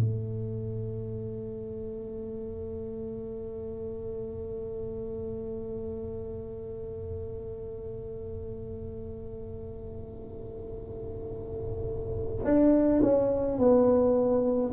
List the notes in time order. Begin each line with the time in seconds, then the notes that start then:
0.00 A3
12.45 D4
13.02 C#4
13.58 B3